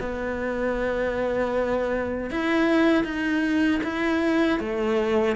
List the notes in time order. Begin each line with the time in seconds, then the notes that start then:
0.00 B3
2.31 E4
3.05 D#4
3.84 E4
4.60 A3